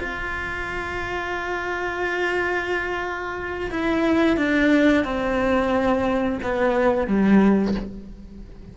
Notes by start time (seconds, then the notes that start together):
0.00 F4
3.71 E4
4.37 D4
5.04 C4
6.43 B3
7.07 G3